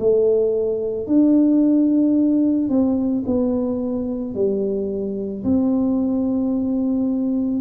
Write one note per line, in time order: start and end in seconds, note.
0.00 1.07 A3
1.07 2.69 D4
2.69 3.24 C4
3.26 4.35 B3
4.35 5.44 G3
5.44 7.61 C4